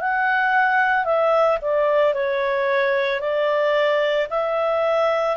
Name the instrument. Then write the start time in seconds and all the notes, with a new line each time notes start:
clarinet
0.00 F#5
1.05 E5
1.62 D5
2.14 C#5
3.20 D5
4.30 E5